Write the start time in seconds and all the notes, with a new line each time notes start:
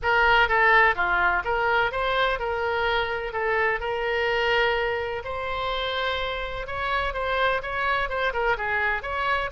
0.02 A#4
0.48 A4
0.95 F4
1.44 A#4
1.91 C5
2.39 A#4
3.32 A4
3.80 A#4
5.24 C5
6.66 C#5
7.13 C5
7.62 C#5
8.09 C5
8.33 A#4
8.57 G#4
9.02 C#5